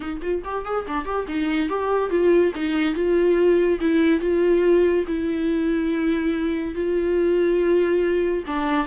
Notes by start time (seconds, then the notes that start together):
0.00 D#4
0.21 F4
0.44 G4
0.65 G#4
0.87 D4
1.05 G4
1.27 D#4
1.69 G4
2.10 F4
2.55 D#4
2.94 F4
3.80 E4
4.20 F4
5.07 E4
6.74 F4
8.46 D4